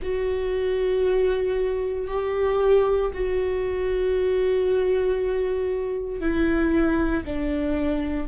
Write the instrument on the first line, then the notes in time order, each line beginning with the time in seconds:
viola
0.01 F#4
2.07 G4
3.13 F#4
6.20 E4
7.25 D4